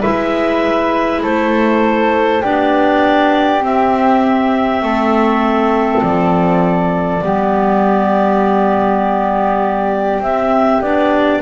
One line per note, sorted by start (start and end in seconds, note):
0.00 1.23 G#3
0.00 2.41 E4
0.00 1.20 B4
0.00 1.22 E5
1.22 2.43 A3
1.22 2.41 A4
1.22 2.43 C5
2.41 3.62 B3
2.41 3.60 D4
2.41 4.81 G4
2.41 3.63 D5
3.60 7.20 C4
3.60 4.82 C4
3.60 6.02 E5
4.82 6.02 A3
4.82 7.23 A4
6.02 7.22 F3
6.02 10.21 D5
7.21 10.20 G3
7.21 10.21 B3
7.21 11.41 G4
10.20 10.80 C4
10.20 10.82 C4
10.20 10.81 E5
10.80 11.40 B3
10.80 11.41 D4
10.80 11.41 D5